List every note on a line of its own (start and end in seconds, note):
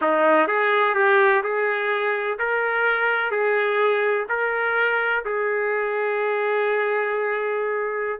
0.01 0.47 D#4
0.47 0.94 G#4
0.94 1.42 G4
1.43 2.38 G#4
2.38 3.31 A#4
3.31 4.26 G#4
4.29 5.24 A#4
5.25 8.20 G#4